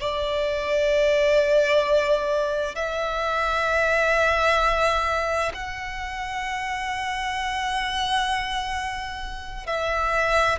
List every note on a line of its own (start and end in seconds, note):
0.00 2.75 D5
2.75 5.52 E5
5.53 9.66 F#5
9.66 10.59 E5